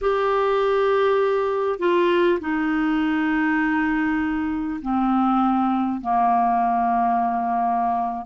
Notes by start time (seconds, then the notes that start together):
0.01 G4
1.79 F4
2.40 D#4
4.81 C4
6.01 A#3